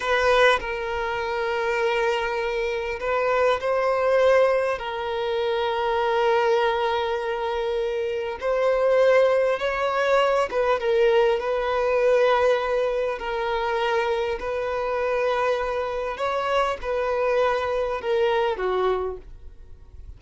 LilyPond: \new Staff \with { instrumentName = "violin" } { \time 4/4 \tempo 4 = 100 b'4 ais'2.~ | ais'4 b'4 c''2 | ais'1~ | ais'2 c''2 |
cis''4. b'8 ais'4 b'4~ | b'2 ais'2 | b'2. cis''4 | b'2 ais'4 fis'4 | }